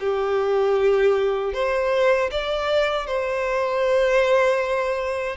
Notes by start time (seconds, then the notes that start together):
0.00 G4
1.54 C5
2.31 D5
3.07 C5